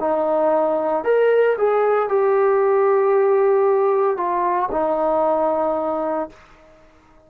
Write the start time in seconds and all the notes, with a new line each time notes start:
0.00 D#4
1.04 A#4
1.58 G#4
2.09 G4
4.17 F4
4.72 D#4